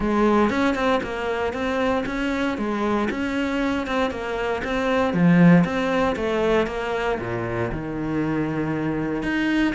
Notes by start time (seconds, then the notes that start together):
0.00 G#3
0.50 C#4
0.74 C4
1.03 A#3
1.53 C4
2.06 C#4
2.57 G#3
3.10 C#4
3.86 C4
4.10 A#3
4.64 C4
5.13 F3
5.64 C4
6.16 A3
6.67 A#3
7.19 A#2
7.72 D#3
9.22 D#4